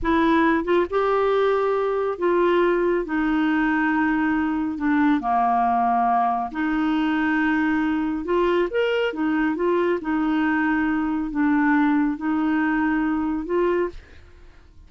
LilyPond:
\new Staff \with { instrumentName = "clarinet" } { \time 4/4 \tempo 4 = 138 e'4. f'8 g'2~ | g'4 f'2 dis'4~ | dis'2. d'4 | ais2. dis'4~ |
dis'2. f'4 | ais'4 dis'4 f'4 dis'4~ | dis'2 d'2 | dis'2. f'4 | }